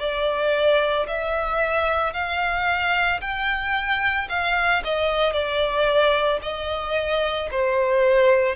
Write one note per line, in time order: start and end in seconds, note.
0.00 1.07 D5
1.08 2.14 E5
2.14 3.21 F5
3.21 4.29 G5
4.29 4.83 F5
4.85 5.33 D#5
5.33 6.40 D5
6.43 7.50 D#5
7.51 8.56 C5